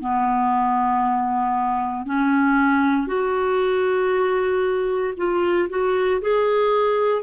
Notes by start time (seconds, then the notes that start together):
0.00 B3
2.05 C#4
3.07 F#4
5.17 F4
5.69 F#4
6.21 G#4